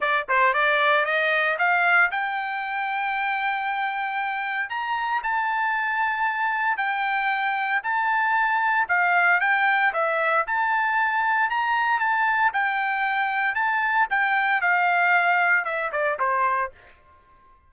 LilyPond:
\new Staff \with { instrumentName = "trumpet" } { \time 4/4 \tempo 4 = 115 d''8 c''8 d''4 dis''4 f''4 | g''1~ | g''4 ais''4 a''2~ | a''4 g''2 a''4~ |
a''4 f''4 g''4 e''4 | a''2 ais''4 a''4 | g''2 a''4 g''4 | f''2 e''8 d''8 c''4 | }